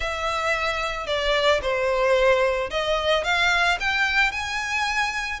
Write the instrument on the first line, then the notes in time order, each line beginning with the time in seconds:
violin
0.00 E5
1.06 D5
1.62 C5
2.70 D#5
3.24 F5
3.80 G5
4.31 G#5